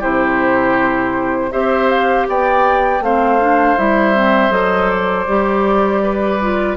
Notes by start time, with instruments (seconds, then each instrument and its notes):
0.00 bassoon C3, clarinet E4, oboe G4, flute C5
1.51 bassoon C4, clarinet G4, oboe C5, flute E5
1.89 flute F5
2.28 bassoon B3, oboe D5, flute G5
3.00 bassoon A3, clarinet C4, oboe C5, flute F5
3.40 clarinet D4
3.77 bassoon G3, clarinet E4, flute E5
4.15 clarinet C4
4.50 bassoon F#3, clarinet A4, flute D#5
4.90 flute D5
5.28 bassoon G3, clarinet G4
6.03 oboe B4
6.41 clarinet F4